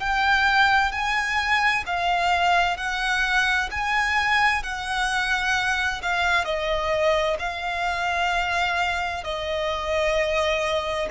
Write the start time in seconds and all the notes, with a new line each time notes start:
0.00 G5
0.92 G#5
1.86 F5
2.77 F#5
3.71 G#5
4.63 F#5
6.03 F5
6.45 D#5
7.39 F5
9.24 D#5